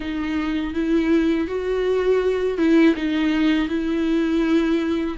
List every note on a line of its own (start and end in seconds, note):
0.00 0.73 D#4
0.74 1.47 E4
1.47 2.57 F#4
2.57 2.95 E4
2.95 3.68 D#4
3.68 5.16 E4